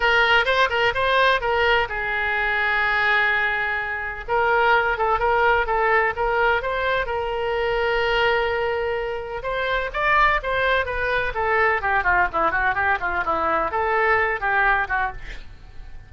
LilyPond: \new Staff \with { instrumentName = "oboe" } { \time 4/4 \tempo 4 = 127 ais'4 c''8 ais'8 c''4 ais'4 | gis'1~ | gis'4 ais'4. a'8 ais'4 | a'4 ais'4 c''4 ais'4~ |
ais'1 | c''4 d''4 c''4 b'4 | a'4 g'8 f'8 e'8 fis'8 g'8 f'8 | e'4 a'4. g'4 fis'8 | }